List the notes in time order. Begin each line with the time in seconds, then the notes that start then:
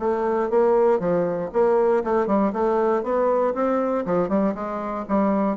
0.00 A3
0.50 A#3
1.00 F3
1.53 A#3
2.04 A3
2.27 G3
2.53 A3
3.04 B3
3.55 C4
4.06 F3
4.29 G3
4.55 G#3
5.09 G3